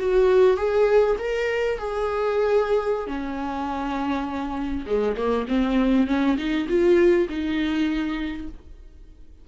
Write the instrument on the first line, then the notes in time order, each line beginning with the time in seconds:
viola
0.00 F#4
0.58 G#4
1.19 A#4
1.78 G#4
3.08 C#4
4.87 G#3
5.17 A#3
5.48 C4
6.08 C#4
6.38 D#4
6.69 F4
7.30 D#4